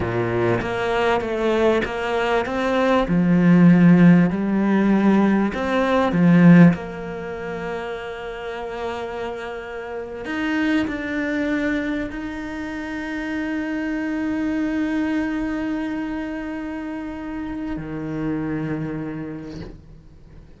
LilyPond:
\new Staff \with { instrumentName = "cello" } { \time 4/4 \tempo 4 = 98 ais,4 ais4 a4 ais4 | c'4 f2 g4~ | g4 c'4 f4 ais4~ | ais1~ |
ais8. dis'4 d'2 dis'16~ | dis'1~ | dis'1~ | dis'4 dis2. | }